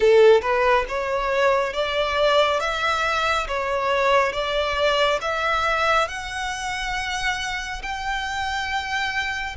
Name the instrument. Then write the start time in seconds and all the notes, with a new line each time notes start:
violin
0.00 A4
0.41 B4
0.88 C#5
1.73 D5
2.60 E5
3.47 C#5
4.32 D5
5.21 E5
6.08 F#5
7.82 G5